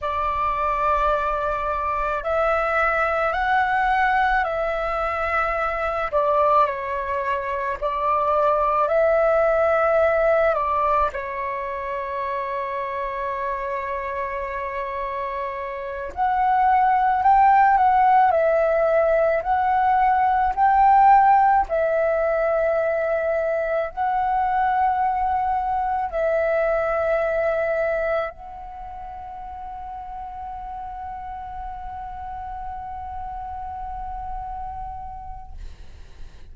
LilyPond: \new Staff \with { instrumentName = "flute" } { \time 4/4 \tempo 4 = 54 d''2 e''4 fis''4 | e''4. d''8 cis''4 d''4 | e''4. d''8 cis''2~ | cis''2~ cis''8 fis''4 g''8 |
fis''8 e''4 fis''4 g''4 e''8~ | e''4. fis''2 e''8~ | e''4. fis''2~ fis''8~ | fis''1 | }